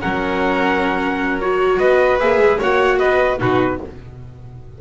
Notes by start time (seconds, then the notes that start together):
0.00 F#3 C#4 A#4 F#5
1.40 F#4 C#5
1.78 B3 B4 D#5
2.19 A#3 G#4 E5
2.39 G#3
2.58 A#3 F#4 C#5 F#5
2.98 B3 B4 D#5
3.38 B2 D#4 F#4 B4